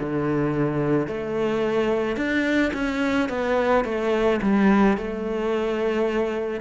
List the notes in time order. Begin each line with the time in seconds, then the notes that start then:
0.00 D3
1.08 A3
2.17 D4
2.74 C#4
3.30 B3
3.85 A3
4.42 G3
4.98 A3